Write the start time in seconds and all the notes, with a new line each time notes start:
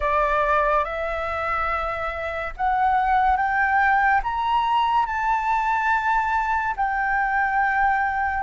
0.00 D5
0.84 E5
2.56 F#5
3.36 G5
4.23 A#5
5.06 A5
6.76 G5